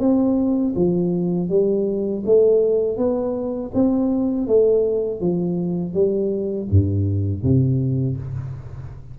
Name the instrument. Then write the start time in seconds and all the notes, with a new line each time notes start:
tuba
0.00 C4
0.76 F3
1.49 G3
2.26 A3
2.97 B3
3.74 C4
4.47 A3
5.21 F3
5.94 G3
6.70 G2
7.43 C3